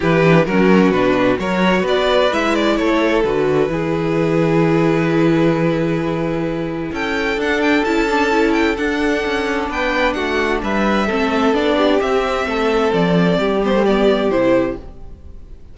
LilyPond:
<<
  \new Staff \with { instrumentName = "violin" } { \time 4/4 \tempo 4 = 130 b'4 ais'4 b'4 cis''4 | d''4 e''8 d''8 cis''4 b'4~ | b'1~ | b'2. g''4 |
fis''8 g''8 a''4. g''8 fis''4~ | fis''4 g''4 fis''4 e''4~ | e''4 d''4 e''2 | d''4. c''8 d''4 c''4 | }
  \new Staff \with { instrumentName = "violin" } { \time 4/4 g'4 fis'2 ais'4 | b'2 a'2 | gis'1~ | gis'2. a'4~ |
a'1~ | a'4 b'4 fis'4 b'4 | a'4. g'4. a'4~ | a'4 g'2. | }
  \new Staff \with { instrumentName = "viola" } { \time 4/4 e'8 d'8 cis'4 d'4 fis'4~ | fis'4 e'2 fis'4 | e'1~ | e'1 |
d'4 e'8 d'8 e'4 d'4~ | d'1 | c'4 d'4 c'2~ | c'4. b16 a16 b4 e'4 | }
  \new Staff \with { instrumentName = "cello" } { \time 4/4 e4 fis4 b,4 fis4 | b4 gis4 a4 d4 | e1~ | e2. cis'4 |
d'4 cis'2 d'4 | cis'4 b4 a4 g4 | a4 b4 c'4 a4 | f4 g2 c4 | }
>>